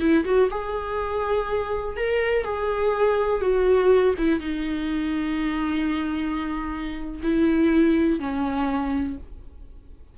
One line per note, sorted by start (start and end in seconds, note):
0.00 0.24 E4
0.25 0.49 F#4
0.51 1.97 G#4
1.97 2.45 A#4
2.45 3.41 G#4
3.41 4.14 F#4
4.18 4.40 E4
4.40 7.21 D#4
7.23 8.20 E4
8.20 9.17 C#4